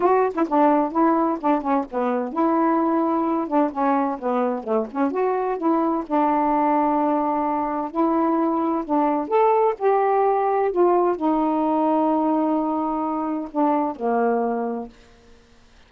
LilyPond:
\new Staff \with { instrumentName = "saxophone" } { \time 4/4 \tempo 4 = 129 fis'8. e'16 d'4 e'4 d'8 cis'8 | b4 e'2~ e'8 d'8 | cis'4 b4 a8 cis'8 fis'4 | e'4 d'2.~ |
d'4 e'2 d'4 | a'4 g'2 f'4 | dis'1~ | dis'4 d'4 ais2 | }